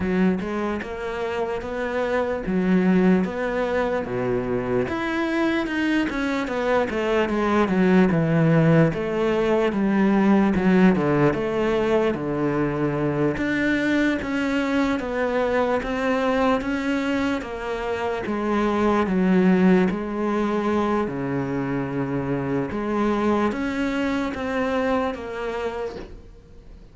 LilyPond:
\new Staff \with { instrumentName = "cello" } { \time 4/4 \tempo 4 = 74 fis8 gis8 ais4 b4 fis4 | b4 b,4 e'4 dis'8 cis'8 | b8 a8 gis8 fis8 e4 a4 | g4 fis8 d8 a4 d4~ |
d8 d'4 cis'4 b4 c'8~ | c'8 cis'4 ais4 gis4 fis8~ | fis8 gis4. cis2 | gis4 cis'4 c'4 ais4 | }